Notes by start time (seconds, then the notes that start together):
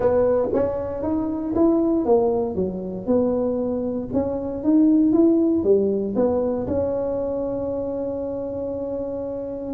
0.00 B3
0.53 C#4
1.03 D#4
1.55 E4
2.05 A#3
2.55 F#3
3.06 B3
4.13 C#4
4.63 D#4
5.12 E4
5.63 G3
6.15 B3
6.67 C#4